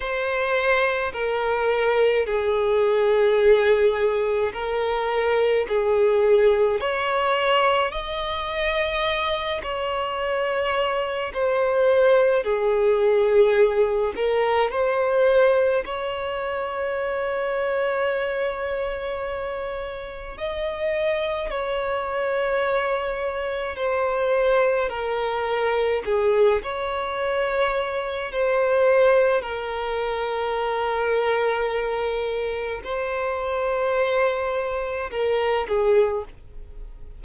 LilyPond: \new Staff \with { instrumentName = "violin" } { \time 4/4 \tempo 4 = 53 c''4 ais'4 gis'2 | ais'4 gis'4 cis''4 dis''4~ | dis''8 cis''4. c''4 gis'4~ | gis'8 ais'8 c''4 cis''2~ |
cis''2 dis''4 cis''4~ | cis''4 c''4 ais'4 gis'8 cis''8~ | cis''4 c''4 ais'2~ | ais'4 c''2 ais'8 gis'8 | }